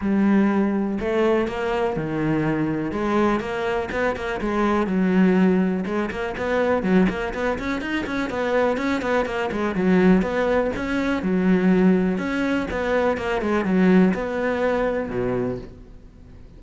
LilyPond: \new Staff \with { instrumentName = "cello" } { \time 4/4 \tempo 4 = 123 g2 a4 ais4 | dis2 gis4 ais4 | b8 ais8 gis4 fis2 | gis8 ais8 b4 fis8 ais8 b8 cis'8 |
dis'8 cis'8 b4 cis'8 b8 ais8 gis8 | fis4 b4 cis'4 fis4~ | fis4 cis'4 b4 ais8 gis8 | fis4 b2 b,4 | }